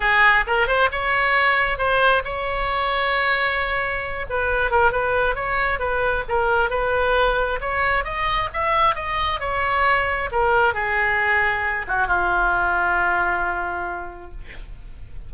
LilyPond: \new Staff \with { instrumentName = "oboe" } { \time 4/4 \tempo 4 = 134 gis'4 ais'8 c''8 cis''2 | c''4 cis''2.~ | cis''4. b'4 ais'8 b'4 | cis''4 b'4 ais'4 b'4~ |
b'4 cis''4 dis''4 e''4 | dis''4 cis''2 ais'4 | gis'2~ gis'8 fis'8 f'4~ | f'1 | }